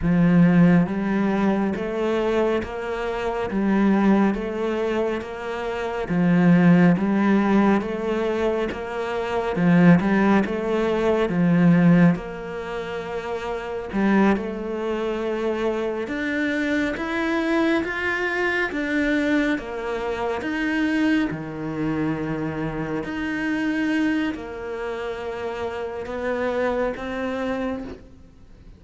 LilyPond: \new Staff \with { instrumentName = "cello" } { \time 4/4 \tempo 4 = 69 f4 g4 a4 ais4 | g4 a4 ais4 f4 | g4 a4 ais4 f8 g8 | a4 f4 ais2 |
g8 a2 d'4 e'8~ | e'8 f'4 d'4 ais4 dis'8~ | dis'8 dis2 dis'4. | ais2 b4 c'4 | }